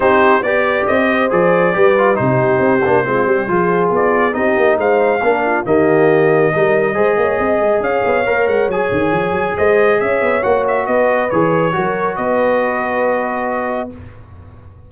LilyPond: <<
  \new Staff \with { instrumentName = "trumpet" } { \time 4/4 \tempo 4 = 138 c''4 d''4 dis''4 d''4~ | d''4 c''2.~ | c''4 d''4 dis''4 f''4~ | f''4 dis''2.~ |
dis''2 f''4. fis''8 | gis''2 dis''4 e''4 | fis''8 e''8 dis''4 cis''2 | dis''1 | }
  \new Staff \with { instrumentName = "horn" } { \time 4/4 g'4 d''4. c''4. | b'4 g'2 f'8 g'8 | gis'2 g'4 c''4 | ais'8 f'8 g'2 ais'4 |
c''8 cis''8 dis''4 cis''2~ | cis''2 c''4 cis''4~ | cis''4 b'2 ais'4 | b'1 | }
  \new Staff \with { instrumentName = "trombone" } { \time 4/4 dis'4 g'2 gis'4 | g'8 f'8 dis'4. d'8 c'4 | f'2 dis'2 | d'4 ais2 dis'4 |
gis'2. ais'4 | gis'1 | fis'2 gis'4 fis'4~ | fis'1 | }
  \new Staff \with { instrumentName = "tuba" } { \time 4/4 c'4 b4 c'4 f4 | g4 c4 c'8 ais8 gis8 g8 | f4 b4 c'8 ais8 gis4 | ais4 dis2 g4 |
gis8 ais8 c'8 gis8 cis'8 b8 ais8 gis8 | fis8 dis8 f8 fis8 gis4 cis'8 b8 | ais4 b4 e4 fis4 | b1 | }
>>